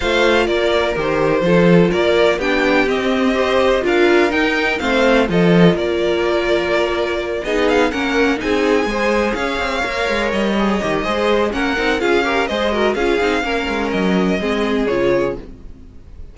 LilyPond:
<<
  \new Staff \with { instrumentName = "violin" } { \time 4/4 \tempo 4 = 125 f''4 d''4 c''2 | d''4 g''4 dis''2 | f''4 g''4 f''4 dis''4 | d''2.~ d''8 dis''8 |
f''8 fis''4 gis''2 f''8~ | f''4. dis''2~ dis''8 | fis''4 f''4 dis''4 f''4~ | f''4 dis''2 cis''4 | }
  \new Staff \with { instrumentName = "violin" } { \time 4/4 c''4 ais'2 a'4 | ais'4 g'2 c''4 | ais'2 c''4 a'4 | ais'2.~ ais'8 gis'8~ |
gis'8 ais'4 gis'4 c''4 cis''8~ | cis''2. c''4 | ais'4 gis'8 ais'8 c''8 ais'8 gis'4 | ais'2 gis'2 | }
  \new Staff \with { instrumentName = "viola" } { \time 4/4 f'2 g'4 f'4~ | f'4 d'4 c'4 g'4 | f'4 dis'4 c'4 f'4~ | f'2.~ f'8 dis'8~ |
dis'8 cis'4 dis'4 gis'4.~ | gis'8 ais'4. gis'8 g'8 gis'4 | cis'8 dis'8 f'8 g'8 gis'8 fis'8 f'8 dis'8 | cis'2 c'4 f'4 | }
  \new Staff \with { instrumentName = "cello" } { \time 4/4 a4 ais4 dis4 f4 | ais4 b4 c'2 | d'4 dis'4 a4 f4 | ais2.~ ais8 b8~ |
b8 ais4 c'4 gis4 cis'8 | c'8 ais8 gis8 g4 dis8 gis4 | ais8 c'8 cis'4 gis4 cis'8 c'8 | ais8 gis8 fis4 gis4 cis4 | }
>>